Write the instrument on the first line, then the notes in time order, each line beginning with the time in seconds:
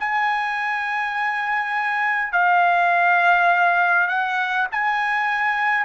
trumpet
0.00 G#5
2.33 F5
4.09 F#5
4.72 G#5